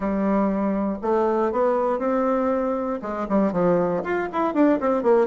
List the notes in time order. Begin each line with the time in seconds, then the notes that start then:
0.00 G3
1.02 A3
1.51 B3
1.98 C4
3.01 G#3
3.28 G3
3.52 F3
4.03 F4
4.32 E4
4.54 D4
4.80 C4
5.03 A#3